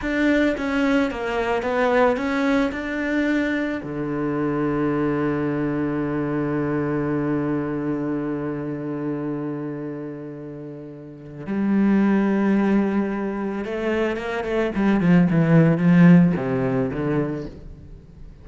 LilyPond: \new Staff \with { instrumentName = "cello" } { \time 4/4 \tempo 4 = 110 d'4 cis'4 ais4 b4 | cis'4 d'2 d4~ | d1~ | d1~ |
d1~ | d4 g2.~ | g4 a4 ais8 a8 g8 f8 | e4 f4 c4 d4 | }